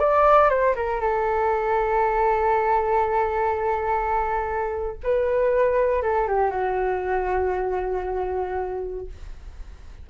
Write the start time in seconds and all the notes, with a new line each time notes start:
0.00 D5
0.50 C5
0.76 A#4
1.01 A4
5.04 B4
6.03 A4
6.28 G4
6.51 F#4